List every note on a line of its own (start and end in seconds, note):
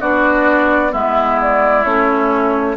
0.00 0.93 B3
0.00 0.91 D4
0.00 0.92 F#4
0.00 0.93 D5
0.91 1.85 G#3
0.91 1.83 B3
0.91 2.76 E4
0.91 1.39 E5
1.41 1.84 D5
1.84 2.77 A3
1.84 2.77 C#4
1.84 2.76 C#5